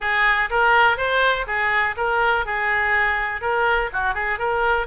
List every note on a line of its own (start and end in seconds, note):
0.00 0.49 G#4
0.50 0.97 A#4
0.97 1.45 C5
1.46 1.95 G#4
1.96 2.45 A#4
2.45 3.41 G#4
3.41 3.90 A#4
3.93 4.14 F#4
4.14 4.38 G#4
4.38 4.86 A#4